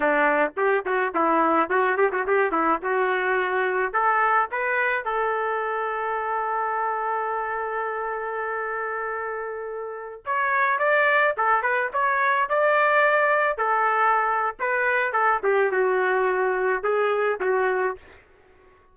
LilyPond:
\new Staff \with { instrumentName = "trumpet" } { \time 4/4 \tempo 4 = 107 d'4 g'8 fis'8 e'4 fis'8 g'16 fis'16 | g'8 e'8 fis'2 a'4 | b'4 a'2.~ | a'1~ |
a'2~ a'16 cis''4 d''8.~ | d''16 a'8 b'8 cis''4 d''4.~ d''16~ | d''16 a'4.~ a'16 b'4 a'8 g'8 | fis'2 gis'4 fis'4 | }